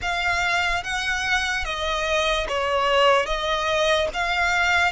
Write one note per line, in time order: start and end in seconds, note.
0.01 0.83 F5
0.83 1.64 F#5
1.64 2.47 D#5
2.48 3.25 C#5
3.25 4.08 D#5
4.13 4.91 F5